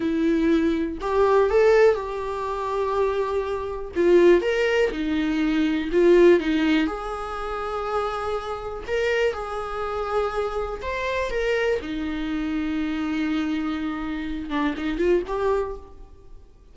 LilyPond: \new Staff \with { instrumentName = "viola" } { \time 4/4 \tempo 4 = 122 e'2 g'4 a'4 | g'1 | f'4 ais'4 dis'2 | f'4 dis'4 gis'2~ |
gis'2 ais'4 gis'4~ | gis'2 c''4 ais'4 | dis'1~ | dis'4. d'8 dis'8 f'8 g'4 | }